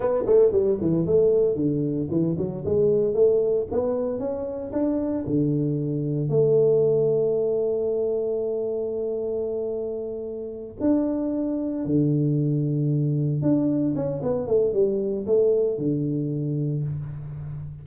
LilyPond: \new Staff \with { instrumentName = "tuba" } { \time 4/4 \tempo 4 = 114 b8 a8 g8 e8 a4 d4 | e8 fis8 gis4 a4 b4 | cis'4 d'4 d2 | a1~ |
a1~ | a8 d'2 d4.~ | d4. d'4 cis'8 b8 a8 | g4 a4 d2 | }